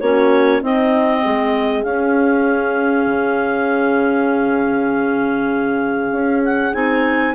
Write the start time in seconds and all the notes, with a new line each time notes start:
0.00 A#3 C#4 F#4 C#5
0.61 C4 D#4 D#5
1.23 G#3 G#4
1.83 C#4 F5
3.06 C#3
6.11 C#4
6.45 F#5
6.73 C4 D#4 G#5